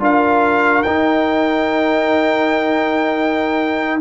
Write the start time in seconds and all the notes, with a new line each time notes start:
0.00 D4 F4 A#4 F5
0.83 D#4 G5